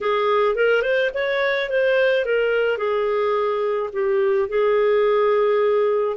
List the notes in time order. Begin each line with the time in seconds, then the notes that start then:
0.01 G#4
0.55 A#4
0.82 C5
1.14 C#5
1.69 C5
2.25 A#4
2.77 G#4
3.92 G4
4.48 G#4